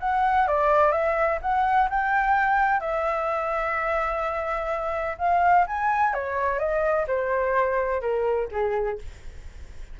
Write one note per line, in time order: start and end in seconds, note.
0.00 0.47 F#5
0.47 0.92 D5
0.92 1.39 E5
1.42 1.89 F#5
1.90 2.80 G5
2.80 5.17 E5
5.18 5.66 F5
5.67 6.14 G#5
6.14 6.59 C#5
6.59 7.06 D#5
7.07 8.01 C5
8.01 8.48 A#4
8.51 8.99 G#4